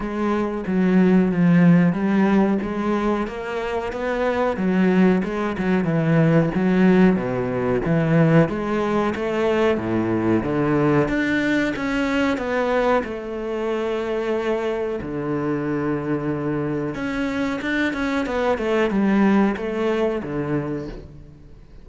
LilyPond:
\new Staff \with { instrumentName = "cello" } { \time 4/4 \tempo 4 = 92 gis4 fis4 f4 g4 | gis4 ais4 b4 fis4 | gis8 fis8 e4 fis4 b,4 | e4 gis4 a4 a,4 |
d4 d'4 cis'4 b4 | a2. d4~ | d2 cis'4 d'8 cis'8 | b8 a8 g4 a4 d4 | }